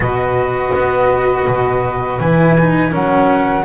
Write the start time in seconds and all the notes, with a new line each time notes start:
0.00 B2 F#4 B4 D#5
0.74 B3
1.47 B2
2.19 E3 E4 G#5
2.59 D#4
2.91 F#3 C#4 A#4 F#5